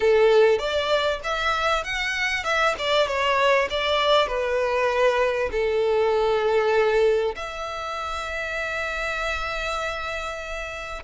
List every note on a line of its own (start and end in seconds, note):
0.00 0.58 A4
0.58 1.20 D5
1.23 1.83 E5
1.83 2.44 F#5
2.44 2.74 E5
2.78 3.07 D5
3.07 3.68 C#5
3.70 4.27 D5
4.27 5.49 B4
5.51 7.35 A4
7.35 11.03 E5